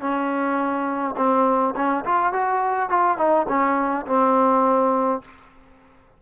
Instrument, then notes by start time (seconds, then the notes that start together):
trombone
0.00 C#4
1.17 C4
1.76 C#4
2.05 F4
2.33 F#4
2.90 F4
3.18 D#4
3.49 C#4
4.07 C4